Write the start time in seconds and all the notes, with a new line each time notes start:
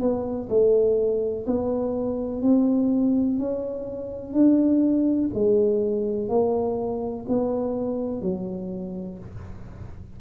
0.00 B3
0.49 A3
1.47 B3
2.42 C4
3.39 C#4
4.33 D4
5.34 G#3
6.29 A#3
7.28 B3
8.22 F#3